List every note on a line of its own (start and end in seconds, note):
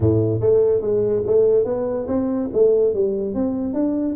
0.00 0.40 A2
0.40 0.81 A3
0.81 1.22 G#3
1.26 1.65 A3
1.65 2.06 B3
2.07 2.49 C4
2.53 2.94 A3
2.94 3.34 G3
3.34 3.73 C4
3.73 4.15 D4